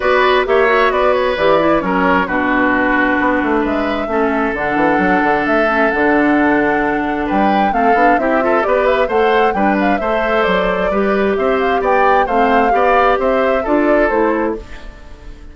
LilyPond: <<
  \new Staff \with { instrumentName = "flute" } { \time 4/4 \tempo 4 = 132 d''4 e''4 d''8 cis''8 d''4 | cis''4 b'2. | e''2 fis''2 | e''4 fis''2. |
g''4 f''4 e''4 d''8 e''8 | fis''4 g''8 f''8 e''4 d''4~ | d''4 e''8 f''8 g''4 f''4~ | f''4 e''4 d''4 c''4 | }
  \new Staff \with { instrumentName = "oboe" } { \time 4/4 b'4 cis''4 b'2 | ais'4 fis'2. | b'4 a'2.~ | a'1 |
b'4 a'4 g'8 a'8 b'4 | c''4 b'4 c''2 | b'4 c''4 d''4 c''4 | d''4 c''4 a'2 | }
  \new Staff \with { instrumentName = "clarinet" } { \time 4/4 fis'4 g'8 fis'4. g'8 e'8 | cis'4 d'2.~ | d'4 cis'4 d'2~ | d'8 cis'8 d'2.~ |
d'4 c'8 d'8 e'8 f'8 g'4 | a'4 d'4 a'2 | g'2. c'4 | g'2 f'4 e'4 | }
  \new Staff \with { instrumentName = "bassoon" } { \time 4/4 b4 ais4 b4 e4 | fis4 b,2 b8 a8 | gis4 a4 d8 e8 fis8 d8 | a4 d2. |
g4 a8 b8 c'4 b4 | a4 g4 a4 fis4 | g4 c'4 b4 a4 | b4 c'4 d'4 a4 | }
>>